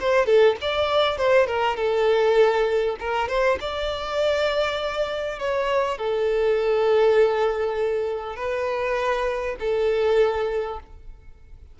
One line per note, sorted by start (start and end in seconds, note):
0.00 0.26 C5
0.26 0.56 A4
0.61 1.18 D5
1.18 1.47 C5
1.47 1.76 A#4
1.76 2.96 A4
3.00 3.28 A#4
3.28 3.58 C5
3.61 5.39 D5
5.39 5.98 C#5
5.98 8.36 A4
8.36 9.56 B4
9.59 10.79 A4